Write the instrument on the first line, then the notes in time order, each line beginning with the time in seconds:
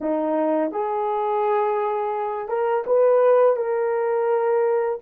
horn
0.00 D#4
0.71 G#4
2.48 A#4
2.86 B4
3.56 A#4